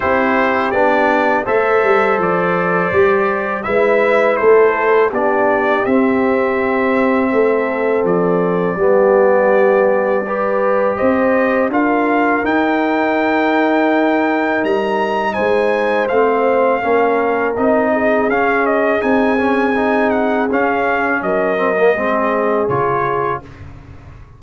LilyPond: <<
  \new Staff \with { instrumentName = "trumpet" } { \time 4/4 \tempo 4 = 82 c''4 d''4 e''4 d''4~ | d''4 e''4 c''4 d''4 | e''2. d''4~ | d''2. dis''4 |
f''4 g''2. | ais''4 gis''4 f''2 | dis''4 f''8 dis''8 gis''4. fis''8 | f''4 dis''2 cis''4 | }
  \new Staff \with { instrumentName = "horn" } { \time 4/4 g'2 c''2~ | c''4 b'4 a'4 g'4~ | g'2 a'2 | g'2 b'4 c''4 |
ais'1~ | ais'4 c''2 ais'4~ | ais'8 gis'2.~ gis'8~ | gis'4 ais'4 gis'2 | }
  \new Staff \with { instrumentName = "trombone" } { \time 4/4 e'4 d'4 a'2 | g'4 e'2 d'4 | c'1 | b2 g'2 |
f'4 dis'2.~ | dis'2 c'4 cis'4 | dis'4 cis'4 dis'8 cis'8 dis'4 | cis'4. c'16 ais16 c'4 f'4 | }
  \new Staff \with { instrumentName = "tuba" } { \time 4/4 c'4 b4 a8 g8 f4 | g4 gis4 a4 b4 | c'2 a4 f4 | g2. c'4 |
d'4 dis'2. | g4 gis4 a4 ais4 | c'4 cis'4 c'2 | cis'4 fis4 gis4 cis4 | }
>>